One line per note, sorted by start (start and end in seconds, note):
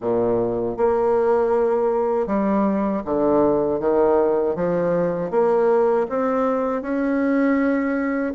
0.00 0.76 A#2
0.77 2.26 A#3
2.26 3.02 G3
3.04 3.80 D3
3.80 4.55 D#3
4.55 5.31 F3
5.31 6.07 A#3
6.09 6.81 C4
6.81 8.33 C#4